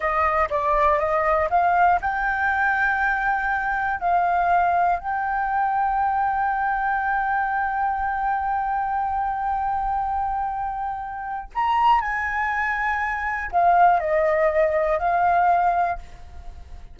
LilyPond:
\new Staff \with { instrumentName = "flute" } { \time 4/4 \tempo 4 = 120 dis''4 d''4 dis''4 f''4 | g''1 | f''2 g''2~ | g''1~ |
g''1~ | g''2. ais''4 | gis''2. f''4 | dis''2 f''2 | }